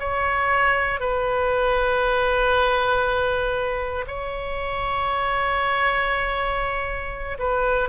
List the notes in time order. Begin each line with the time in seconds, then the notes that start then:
0.00 C#5
1.00 B4
4.07 C#5
7.39 B4